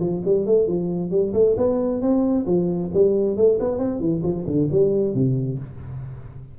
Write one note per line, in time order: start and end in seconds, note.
0.00 0.22 F3
0.25 0.46 G3
0.46 0.67 A3
0.67 1.11 F3
1.11 1.33 G3
1.33 1.55 A3
1.57 2.01 B3
2.01 2.46 C4
2.46 2.91 F3
2.93 3.36 G3
3.36 3.59 A3
3.60 3.78 B3
3.78 4.00 C4
4.00 4.22 E3
4.23 4.45 F3
4.46 4.69 D3
4.71 5.14 G3
5.14 5.59 C3